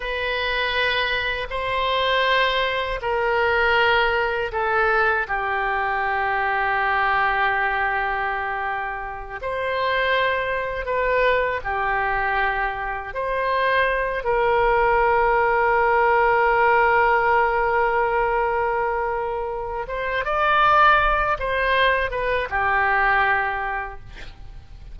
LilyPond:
\new Staff \with { instrumentName = "oboe" } { \time 4/4 \tempo 4 = 80 b'2 c''2 | ais'2 a'4 g'4~ | g'1~ | g'8 c''2 b'4 g'8~ |
g'4. c''4. ais'4~ | ais'1~ | ais'2~ ais'8 c''8 d''4~ | d''8 c''4 b'8 g'2 | }